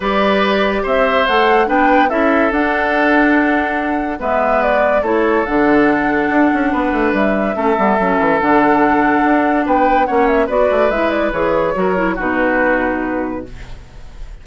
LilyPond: <<
  \new Staff \with { instrumentName = "flute" } { \time 4/4 \tempo 4 = 143 d''2 e''4 fis''4 | g''4 e''4 fis''2~ | fis''2 e''4 d''4 | cis''4 fis''2.~ |
fis''4 e''2. | fis''2. g''4 | fis''8 e''8 d''4 e''8 d''8 cis''4~ | cis''4 b'2. | }
  \new Staff \with { instrumentName = "oboe" } { \time 4/4 b'2 c''2 | b'4 a'2.~ | a'2 b'2 | a'1 |
b'2 a'2~ | a'2. b'4 | cis''4 b'2. | ais'4 fis'2. | }
  \new Staff \with { instrumentName = "clarinet" } { \time 4/4 g'2. a'4 | d'4 e'4 d'2~ | d'2 b2 | e'4 d'2.~ |
d'2 cis'8 b8 cis'4 | d'1 | cis'4 fis'4 e'4 gis'4 | fis'8 e'8 dis'2. | }
  \new Staff \with { instrumentName = "bassoon" } { \time 4/4 g2 c'4 a4 | b4 cis'4 d'2~ | d'2 gis2 | a4 d2 d'8 cis'8 |
b8 a8 g4 a8 g8 fis8 e8 | d2 d'4 b4 | ais4 b8 a8 gis4 e4 | fis4 b,2. | }
>>